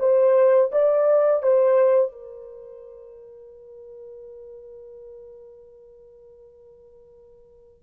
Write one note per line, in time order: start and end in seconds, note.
0.00 0.71 C5
0.72 1.43 D5
1.43 2.12 C5
2.12 7.83 A#4